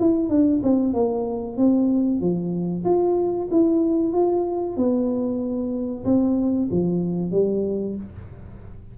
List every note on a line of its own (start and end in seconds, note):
0.00 0.29 E4
0.29 0.61 D4
0.63 0.93 C4
0.93 1.57 A#3
1.57 2.21 C4
2.21 2.85 F3
2.85 3.49 F4
3.51 4.13 E4
4.13 4.77 F4
4.77 6.04 B3
6.05 6.68 C4
6.71 7.32 F3
7.32 7.96 G3